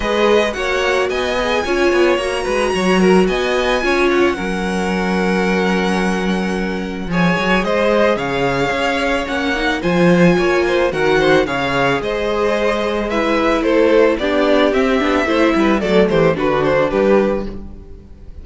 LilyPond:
<<
  \new Staff \with { instrumentName = "violin" } { \time 4/4 \tempo 4 = 110 dis''4 fis''4 gis''2 | ais''2 gis''4. fis''8~ | fis''1~ | fis''4 gis''4 dis''4 f''4~ |
f''4 fis''4 gis''2 | fis''4 f''4 dis''2 | e''4 c''4 d''4 e''4~ | e''4 d''8 c''8 b'8 c''8 b'4 | }
  \new Staff \with { instrumentName = "violin" } { \time 4/4 b'4 cis''4 dis''4 cis''4~ | cis''8 b'8 cis''8 ais'8 dis''4 cis''4 | ais'1~ | ais'4 cis''4 c''4 cis''4~ |
cis''2 c''4 cis''8 c''8 | ais'8 c''8 cis''4 c''2 | b'4 a'4 g'2 | c''8 b'8 a'8 g'8 fis'4 g'4 | }
  \new Staff \with { instrumentName = "viola" } { \time 4/4 gis'4 fis'4. gis'8 f'4 | fis'2. f'4 | cis'1~ | cis'4 gis'2.~ |
gis'4 cis'8 dis'8 f'2 | fis'4 gis'2. | e'2 d'4 c'8 d'8 | e'4 a4 d'2 | }
  \new Staff \with { instrumentName = "cello" } { \time 4/4 gis4 ais4 b4 cis'8 b8 | ais8 gis8 fis4 b4 cis'4 | fis1~ | fis4 f8 fis8 gis4 cis4 |
cis'4 ais4 f4 ais4 | dis4 cis4 gis2~ | gis4 a4 b4 c'8 b8 | a8 g8 fis8 e8 d4 g4 | }
>>